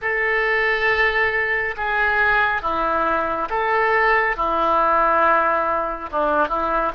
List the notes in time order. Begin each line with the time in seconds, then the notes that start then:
0.01 A4
1.76 G#4
2.62 E4
3.49 A4
4.36 E4
6.11 D4
6.48 E4